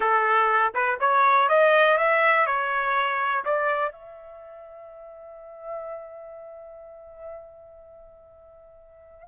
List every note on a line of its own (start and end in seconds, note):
0.00 0.72 A4
0.74 0.98 B4
1.00 1.48 C#5
1.48 1.97 D#5
1.97 2.46 E5
2.46 3.43 C#5
3.45 3.92 D5
3.92 9.27 E5